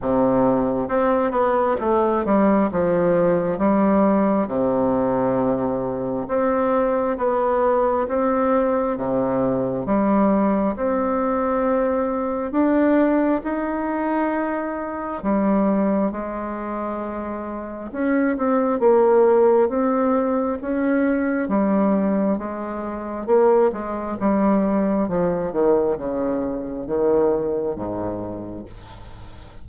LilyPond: \new Staff \with { instrumentName = "bassoon" } { \time 4/4 \tempo 4 = 67 c4 c'8 b8 a8 g8 f4 | g4 c2 c'4 | b4 c'4 c4 g4 | c'2 d'4 dis'4~ |
dis'4 g4 gis2 | cis'8 c'8 ais4 c'4 cis'4 | g4 gis4 ais8 gis8 g4 | f8 dis8 cis4 dis4 gis,4 | }